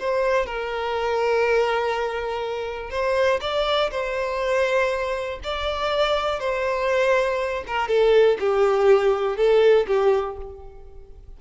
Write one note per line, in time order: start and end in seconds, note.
0.00 0.46 C5
0.46 2.91 A#4
2.91 3.41 C5
3.41 3.91 D5
3.91 5.40 C5
5.44 6.40 D5
6.40 7.64 C5
7.68 7.88 A#4
7.88 8.38 A4
8.40 9.37 G4
9.37 9.87 A4
9.88 10.37 G4